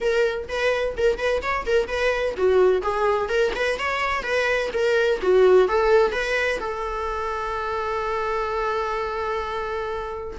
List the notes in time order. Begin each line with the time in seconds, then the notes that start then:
0.00 A#4
0.48 B4
0.97 A#4
1.18 B4
1.42 C#5
1.66 A#4
1.87 B4
2.36 F#4
2.82 G#4
3.28 A#4
3.55 B4
3.79 C#5
4.22 B4
4.72 A#4
5.21 F#4
5.68 A4
6.12 B4
6.59 A4